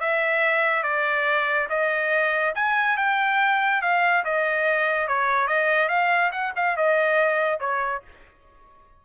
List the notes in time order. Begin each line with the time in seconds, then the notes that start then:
0.00 E5
0.83 D5
1.69 D#5
2.54 G#5
2.97 G5
3.81 F5
4.24 D#5
5.07 C#5
5.47 D#5
5.88 F5
6.31 F#5
6.56 F5
6.76 D#5
7.60 C#5